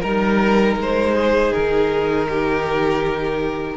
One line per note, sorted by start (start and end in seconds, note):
0.00 0.76 G3
0.00 3.77 D#4
0.00 0.75 A#4
0.00 1.15 A#4
0.76 1.51 G#3
0.76 1.53 C5
1.15 2.27 G#4
1.53 3.77 D#3
1.53 3.77 A#4
2.29 3.77 G4